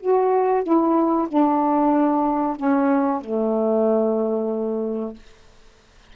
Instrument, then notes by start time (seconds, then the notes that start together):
saxophone
0.00 F#4
0.63 E4
1.28 D4
2.57 C#4
3.21 A3